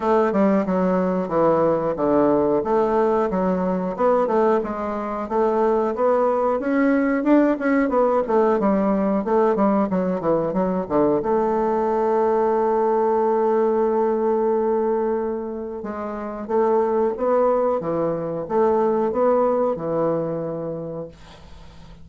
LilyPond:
\new Staff \with { instrumentName = "bassoon" } { \time 4/4 \tempo 4 = 91 a8 g8 fis4 e4 d4 | a4 fis4 b8 a8 gis4 | a4 b4 cis'4 d'8 cis'8 | b8 a8 g4 a8 g8 fis8 e8 |
fis8 d8 a2.~ | a1 | gis4 a4 b4 e4 | a4 b4 e2 | }